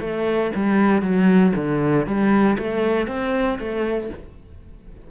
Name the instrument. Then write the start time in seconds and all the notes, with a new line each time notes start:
cello
0.00 A3
0.55 G3
1.02 F#3
1.55 D3
2.06 G3
2.58 A3
3.07 C4
3.59 A3